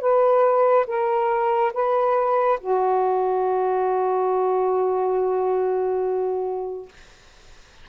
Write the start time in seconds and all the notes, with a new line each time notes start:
0.00 B4
0.86 A#4
1.73 B4
2.60 F#4